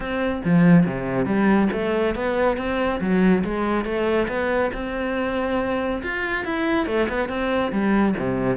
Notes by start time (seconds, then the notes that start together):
0.00 C4
0.45 F3
0.86 C3
1.25 G3
1.72 A3
2.15 B3
2.57 C4
3.00 F#3
3.44 G#3
3.84 A3
4.28 B3
4.73 C4
6.03 F4
6.44 E4
6.86 A3
7.08 B3
7.28 C4
7.71 G3
8.18 C3